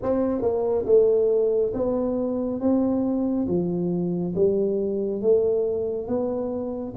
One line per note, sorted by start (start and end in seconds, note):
0.02 0.42 C4
0.42 0.85 A#3
0.85 1.72 A3
1.74 2.60 B3
2.60 3.47 C4
3.47 4.34 F3
4.35 5.21 G3
5.21 6.07 A3
6.07 6.94 B3